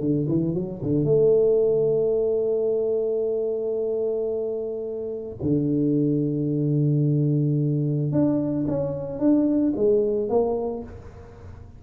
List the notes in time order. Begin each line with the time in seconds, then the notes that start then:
0.00 D3
0.28 E3
0.54 F#3
0.82 D3
1.04 A3
5.42 D3
8.12 D4
8.67 C#4
9.19 D4
9.76 G#3
10.29 A#3